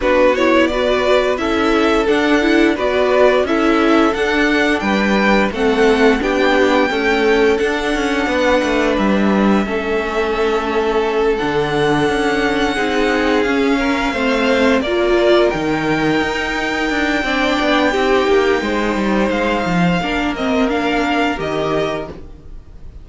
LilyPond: <<
  \new Staff \with { instrumentName = "violin" } { \time 4/4 \tempo 4 = 87 b'8 cis''8 d''4 e''4 fis''4 | d''4 e''4 fis''4 g''4 | fis''4 g''2 fis''4~ | fis''4 e''2.~ |
e''8 fis''2. f''8~ | f''4. d''4 g''4.~ | g''1 | f''4. dis''8 f''4 dis''4 | }
  \new Staff \with { instrumentName = "violin" } { \time 4/4 fis'4 b'4 a'2 | b'4 a'2 b'4 | a'4 g'4 a'2 | b'2 a'2~ |
a'2~ a'8 gis'4. | ais'8 c''4 ais'2~ ais'8~ | ais'4 d''4 g'4 c''4~ | c''4 ais'2. | }
  \new Staff \with { instrumentName = "viola" } { \time 4/4 d'8 e'8 fis'4 e'4 d'8 e'8 | fis'4 e'4 d'2 | c'4 d'4 a4 d'4~ | d'2 cis'2~ |
cis'8 d'2 dis'4 cis'8~ | cis'8 c'4 f'4 dis'4.~ | dis'4 d'4 dis'2~ | dis'4 d'8 c'8 d'4 g'4 | }
  \new Staff \with { instrumentName = "cello" } { \time 4/4 b2 cis'4 d'4 | b4 cis'4 d'4 g4 | a4 b4 cis'4 d'8 cis'8 | b8 a8 g4 a2~ |
a8 d4 cis'4 c'4 cis'8~ | cis'8 a4 ais4 dis4 dis'8~ | dis'8 d'8 c'8 b8 c'8 ais8 gis8 g8 | gis8 f8 ais2 dis4 | }
>>